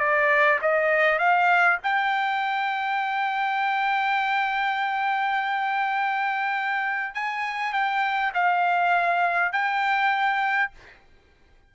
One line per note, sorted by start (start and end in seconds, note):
0.00 0.59 D5
0.62 1.19 D#5
1.19 1.78 F5
1.84 7.15 G5
7.15 7.73 G#5
7.73 8.32 G5
8.34 9.53 F5
9.53 10.72 G5